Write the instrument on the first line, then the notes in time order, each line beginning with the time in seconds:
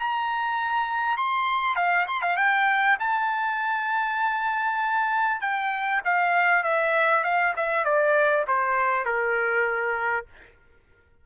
trumpet
0.00 A#5
1.18 C6
1.76 F5
2.08 C6
2.22 F5
2.37 G5
3.00 A5
5.41 G5
6.05 F5
6.64 E5
7.24 F5
7.57 E5
7.85 D5
8.48 C5
9.06 A#4